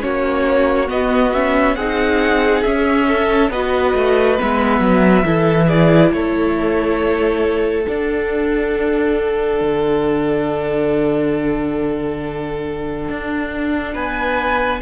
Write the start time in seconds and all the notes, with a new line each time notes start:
0.00 A#3 C#4 F#4 C#5
0.87 B3 D#5
1.32 C#4 E5
1.75 C4 D#4 G#4 F#5
2.62 C#4 E5
3.08 A4
3.50 B3 F#4 B4 D#5
3.94 A3
4.37 G#3 B3 E5
4.79 F#3
5.24 E3 E4 A4
5.66 G#4 D5
6.12 A3 A4 C#5
7.84 D4 F#5
9.61 D3
13.08 D4
13.93 B3 B4 G#5